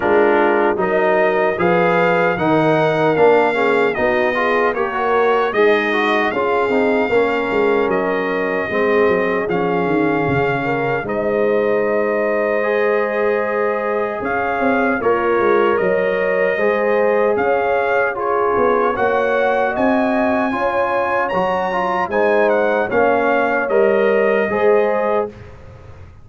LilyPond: <<
  \new Staff \with { instrumentName = "trumpet" } { \time 4/4 \tempo 4 = 76 ais'4 dis''4 f''4 fis''4 | f''4 dis''4 cis''4 dis''4 | f''2 dis''2 | f''2 dis''2~ |
dis''2 f''4 cis''4 | dis''2 f''4 cis''4 | fis''4 gis''2 ais''4 | gis''8 fis''8 f''4 dis''2 | }
  \new Staff \with { instrumentName = "horn" } { \time 4/4 f'4 ais'4 b'4 ais'4~ | ais'8 gis'8 fis'8 gis'8 ais'4 dis'4 | gis'4 ais'2 gis'4~ | gis'4. ais'8 c''2~ |
c''2 cis''4 f'4 | cis''4 c''4 cis''4 gis'4 | cis''4 dis''4 cis''2 | c''4 cis''2 c''4 | }
  \new Staff \with { instrumentName = "trombone" } { \time 4/4 d'4 dis'4 gis'4 dis'4 | d'8 cis'8 dis'8 f'8 g'16 fis'8. gis'8 fis'8 | f'8 dis'8 cis'2 c'4 | cis'2 dis'2 |
gis'2. ais'4~ | ais'4 gis'2 f'4 | fis'2 f'4 fis'8 f'8 | dis'4 cis'4 ais'4 gis'4 | }
  \new Staff \with { instrumentName = "tuba" } { \time 4/4 gis4 fis4 f4 dis4 | ais4 b4 ais4 gis4 | cis'8 c'8 ais8 gis8 fis4 gis8 fis8 | f8 dis8 cis4 gis2~ |
gis2 cis'8 c'8 ais8 gis8 | fis4 gis4 cis'4. b8 | ais4 c'4 cis'4 fis4 | gis4 ais4 g4 gis4 | }
>>